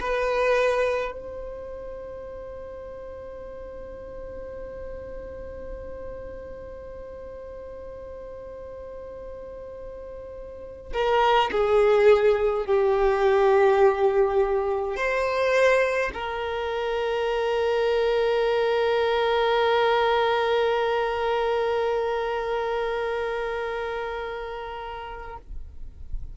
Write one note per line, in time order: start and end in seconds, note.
0.00 1.12 B4
1.12 10.92 C5
10.92 11.50 A#4
11.51 12.66 G#4
12.66 14.96 G4
14.96 16.11 C5
16.13 25.36 A#4